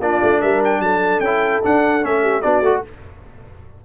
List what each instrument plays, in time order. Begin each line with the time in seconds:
0.00 tuba A#3, trombone D4, horn F4, trumpet D5
0.23 tuba A3
0.42 tuba G3, horn A#4, trumpet E5
0.65 trumpet G5
0.80 tuba F#3, horn A4, trumpet A5
1.20 tuba C#4, trombone E4, trumpet G5
1.63 trombone D4, tuba D4, trumpet F#5
2.02 tuba A3, trombone C#4, trumpet E5
2.22 horn G4
2.42 tuba B3, trombone D4, horn F#4, trumpet D5
2.62 tuba A3, trombone F#4